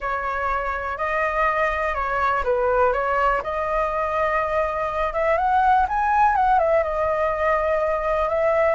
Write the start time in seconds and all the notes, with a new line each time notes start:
0.00 C#5
0.97 D#5
1.94 C#5
2.44 B4
2.92 C#5
3.43 D#5
5.13 E5
5.37 F#5
5.88 G#5
6.35 F#5
6.59 E5
6.83 D#5
8.28 E5